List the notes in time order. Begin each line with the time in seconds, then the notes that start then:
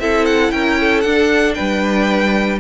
0.00 C4 E4 A4 E5
0.26 F#5
0.52 C#4 A#4 G5
0.81 A4
1.01 D4 F#5
1.55 G3 B4 G5